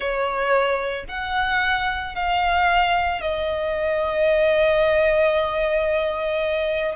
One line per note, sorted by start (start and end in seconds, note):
0.00 1.05 C#5
1.08 2.15 F#5
2.15 3.21 F5
3.21 6.95 D#5